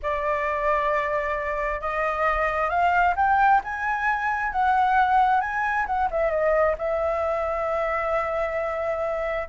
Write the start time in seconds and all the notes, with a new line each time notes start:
0.02 D5
1.80 D#5
2.69 F5
3.16 G5
3.64 G#5
4.52 F#5
5.41 G#5
5.86 F#5
6.10 E5
6.30 D#5
6.78 E5